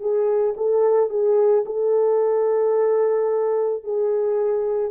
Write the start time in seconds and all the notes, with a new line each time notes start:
0.00 G#4
0.57 A4
1.10 G#4
1.66 A4
3.84 G#4